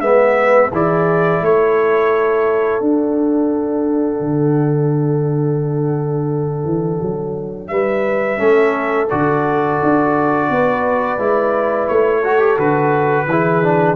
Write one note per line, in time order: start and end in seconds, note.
0.00 0.70 G#3
0.00 0.71 B3
0.00 0.71 B4
0.00 0.70 E5
0.71 1.41 E3
0.71 2.82 E4
0.71 1.41 G#4
0.71 1.44 D5
1.41 2.80 A3
1.41 7.71 A4
1.41 2.83 C#5
2.80 4.20 D4
2.80 8.37 D4
2.80 7.67 F#5
4.20 6.64 D3
6.64 6.99 E3
7.01 7.70 F#3
7.67 8.39 G3
7.67 8.39 B4
7.67 9.07 E5
8.37 9.09 A3
8.37 9.06 C#4
8.37 10.48 A4
9.09 9.82 D3
9.09 11.19 F#4
9.09 11.88 D5
9.83 10.50 D4
10.50 11.18 B3
10.50 12.19 B4
11.18 11.88 G#3
11.18 12.23 E4
11.88 12.58 A3
11.88 12.57 C#5
12.19 12.39 F#4
12.19 13.24 A4
12.39 12.56 G4
12.57 13.26 D3
12.57 13.27 F#4
12.57 13.95 B4
13.26 13.95 E3
13.26 13.63 E4
13.26 13.95 G#4
13.63 13.95 D4